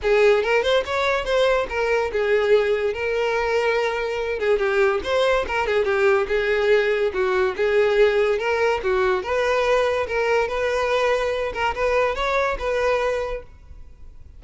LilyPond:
\new Staff \with { instrumentName = "violin" } { \time 4/4 \tempo 4 = 143 gis'4 ais'8 c''8 cis''4 c''4 | ais'4 gis'2 ais'4~ | ais'2~ ais'8 gis'8 g'4 | c''4 ais'8 gis'8 g'4 gis'4~ |
gis'4 fis'4 gis'2 | ais'4 fis'4 b'2 | ais'4 b'2~ b'8 ais'8 | b'4 cis''4 b'2 | }